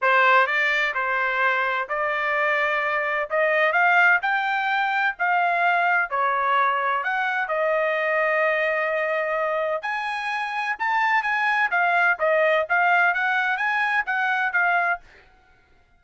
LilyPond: \new Staff \with { instrumentName = "trumpet" } { \time 4/4 \tempo 4 = 128 c''4 d''4 c''2 | d''2. dis''4 | f''4 g''2 f''4~ | f''4 cis''2 fis''4 |
dis''1~ | dis''4 gis''2 a''4 | gis''4 f''4 dis''4 f''4 | fis''4 gis''4 fis''4 f''4 | }